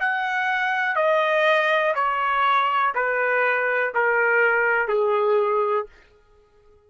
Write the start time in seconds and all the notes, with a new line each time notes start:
0.00 F#5
0.95 D#5
1.94 C#5
2.95 B4
3.94 A#4
4.88 G#4